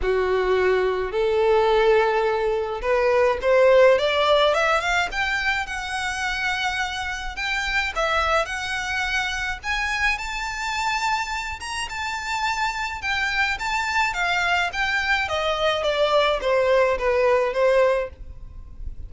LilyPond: \new Staff \with { instrumentName = "violin" } { \time 4/4 \tempo 4 = 106 fis'2 a'2~ | a'4 b'4 c''4 d''4 | e''8 f''8 g''4 fis''2~ | fis''4 g''4 e''4 fis''4~ |
fis''4 gis''4 a''2~ | a''8 ais''8 a''2 g''4 | a''4 f''4 g''4 dis''4 | d''4 c''4 b'4 c''4 | }